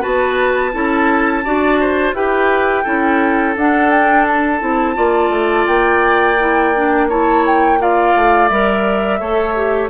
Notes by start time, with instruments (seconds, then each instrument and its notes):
0.00 bassoon B3, clarinet F#4, oboe B4, flute A5
0.72 bassoon C#4, clarinet E4, oboe A4
1.44 bassoon D4, clarinet F#4, oboe D5
1.80 oboe C5
2.13 bassoon E4, clarinet G4, oboe B4, flute G5
2.84 bassoon C#4, clarinet E4, oboe A4
3.56 bassoon D4, clarinet D4, flute F#5
3.90 flute G5
4.27 flute A5
4.60 bassoon C4, clarinet E4
4.95 bassoon A#3, clarinet F4, oboe D5
5.30 bassoon A3
5.67 bassoon A#3, flute G5
6.39 clarinet E4
6.75 clarinet D4
7.08 clarinet E4, oboe C#5, flute A5
7.46 flute G5
7.79 clarinet F4, oboe D5, flute F5
8.15 bassoon A3
8.48 bassoon G3, clarinet A#4, flute E5
9.19 bassoon A3, clarinet A4, oboe C#5
9.56 clarinet G4